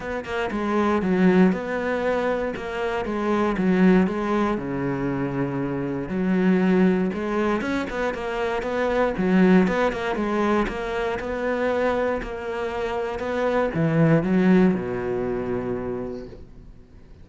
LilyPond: \new Staff \with { instrumentName = "cello" } { \time 4/4 \tempo 4 = 118 b8 ais8 gis4 fis4 b4~ | b4 ais4 gis4 fis4 | gis4 cis2. | fis2 gis4 cis'8 b8 |
ais4 b4 fis4 b8 ais8 | gis4 ais4 b2 | ais2 b4 e4 | fis4 b,2. | }